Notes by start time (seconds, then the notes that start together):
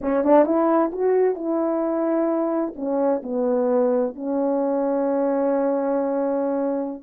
0.01 C#4
0.24 D4
0.45 E4
0.92 F#4
1.35 E4
2.75 C#4
3.23 B3
4.15 C#4